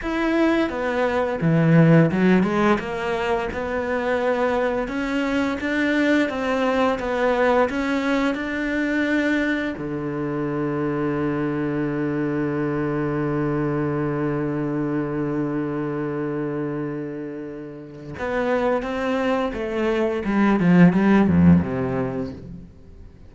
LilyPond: \new Staff \with { instrumentName = "cello" } { \time 4/4 \tempo 4 = 86 e'4 b4 e4 fis8 gis8 | ais4 b2 cis'4 | d'4 c'4 b4 cis'4 | d'2 d2~ |
d1~ | d1~ | d2 b4 c'4 | a4 g8 f8 g8 f,8 c4 | }